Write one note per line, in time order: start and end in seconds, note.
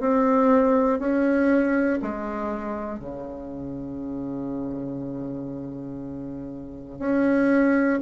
0.00 0.99 C4
0.99 1.99 C#4
2.02 2.99 G#3
2.99 6.99 C#3
6.99 7.99 C#4